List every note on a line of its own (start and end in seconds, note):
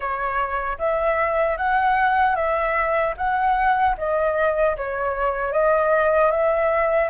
0.00 0.77 C#5
0.78 1.57 E5
1.57 2.35 F#5
2.35 3.14 E5
3.17 3.96 F#5
3.97 4.76 D#5
4.77 5.52 C#5
5.52 6.31 D#5
6.31 7.10 E5